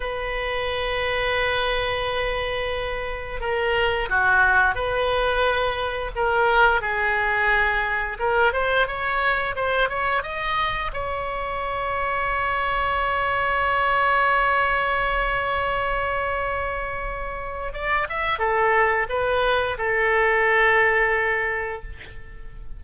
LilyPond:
\new Staff \with { instrumentName = "oboe" } { \time 4/4 \tempo 4 = 88 b'1~ | b'4 ais'4 fis'4 b'4~ | b'4 ais'4 gis'2 | ais'8 c''8 cis''4 c''8 cis''8 dis''4 |
cis''1~ | cis''1~ | cis''2 d''8 e''8 a'4 | b'4 a'2. | }